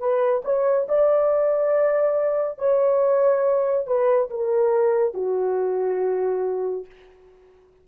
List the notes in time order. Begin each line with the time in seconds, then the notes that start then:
0.00 B4
0.45 C#5
0.89 D5
2.59 C#5
3.87 B4
4.31 A#4
5.14 F#4